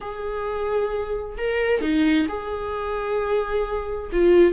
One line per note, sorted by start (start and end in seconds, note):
0.00 1.37 G#4
1.37 1.81 A#4
1.81 2.26 D#4
2.28 4.10 G#4
4.12 4.53 F4